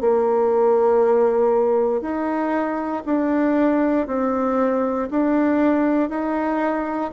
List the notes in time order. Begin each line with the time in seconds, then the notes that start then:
0.00 A#3
2.01 D#4
3.05 D4
4.06 C4
5.10 D4
6.09 D#4